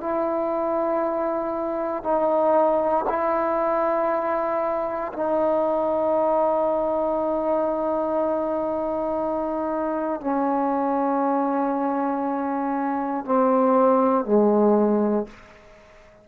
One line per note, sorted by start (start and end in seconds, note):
0.00 2.03 E4
2.03 3.05 D#4
3.09 5.13 E4
5.13 10.21 D#4
10.21 13.25 C#4
13.25 14.25 C4
14.25 15.27 G#3